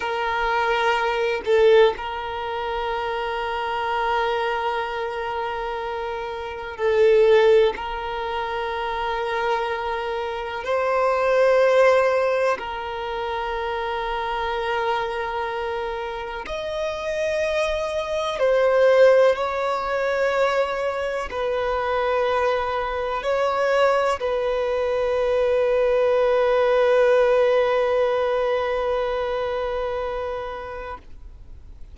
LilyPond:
\new Staff \with { instrumentName = "violin" } { \time 4/4 \tempo 4 = 62 ais'4. a'8 ais'2~ | ais'2. a'4 | ais'2. c''4~ | c''4 ais'2.~ |
ais'4 dis''2 c''4 | cis''2 b'2 | cis''4 b'2.~ | b'1 | }